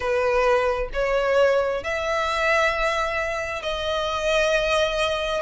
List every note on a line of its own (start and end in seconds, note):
0.00 0.89 B4
0.93 1.83 C#5
1.83 3.62 E5
3.62 5.41 D#5